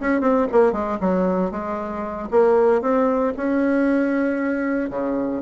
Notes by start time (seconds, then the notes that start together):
0.00 C#4
0.21 C4
0.52 A#3
0.72 G#3
1.00 F#3
1.51 G#3
2.31 A#3
2.81 C4
3.37 C#4
4.90 C#3